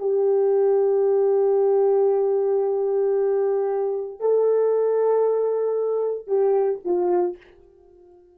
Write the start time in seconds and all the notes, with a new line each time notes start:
0.00 G4
4.21 A4
6.28 G4
6.85 F4